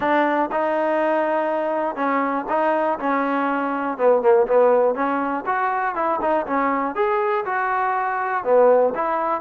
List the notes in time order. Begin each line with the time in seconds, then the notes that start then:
0.00 D4
0.51 D#4
1.95 C#4
2.49 D#4
2.99 C#4
3.97 B3
4.21 A#3
4.47 B3
4.94 C#4
5.46 F#4
5.95 E4
6.21 D#4
6.46 C#4
6.95 G#4
7.45 F#4
8.44 B3
8.94 E4